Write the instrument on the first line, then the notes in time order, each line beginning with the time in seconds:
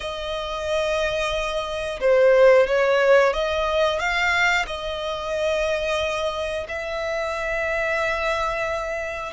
violin
0.00 D#5
2.00 C5
2.66 C#5
3.33 D#5
3.98 F5
4.66 D#5
6.68 E5